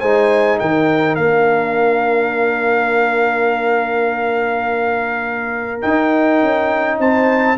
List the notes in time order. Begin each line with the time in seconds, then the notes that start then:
0.00 G#3 D#4 C5 G#5
0.59 D#3 A#4 G5
1.16 A#3 D4 F5
5.82 D#4 G5
6.42 C#4
6.99 C4 C5 A5